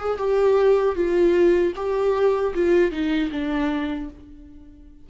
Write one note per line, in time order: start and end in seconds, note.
0.00 0.18 G#4
0.18 0.96 G4
0.96 1.74 F4
1.76 2.54 G4
2.55 2.91 F4
2.91 3.30 D#4
3.32 4.09 D4